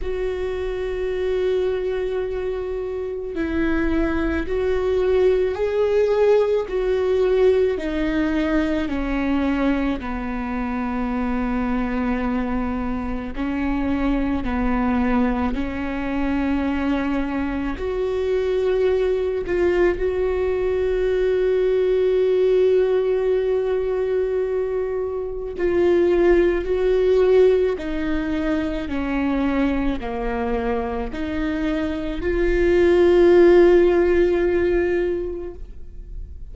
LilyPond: \new Staff \with { instrumentName = "viola" } { \time 4/4 \tempo 4 = 54 fis'2. e'4 | fis'4 gis'4 fis'4 dis'4 | cis'4 b2. | cis'4 b4 cis'2 |
fis'4. f'8 fis'2~ | fis'2. f'4 | fis'4 dis'4 cis'4 ais4 | dis'4 f'2. | }